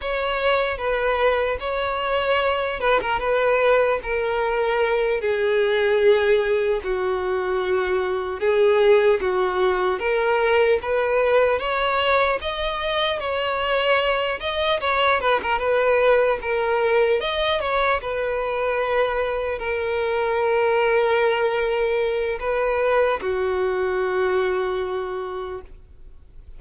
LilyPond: \new Staff \with { instrumentName = "violin" } { \time 4/4 \tempo 4 = 75 cis''4 b'4 cis''4. b'16 ais'16 | b'4 ais'4. gis'4.~ | gis'8 fis'2 gis'4 fis'8~ | fis'8 ais'4 b'4 cis''4 dis''8~ |
dis''8 cis''4. dis''8 cis''8 b'16 ais'16 b'8~ | b'8 ais'4 dis''8 cis''8 b'4.~ | b'8 ais'2.~ ais'8 | b'4 fis'2. | }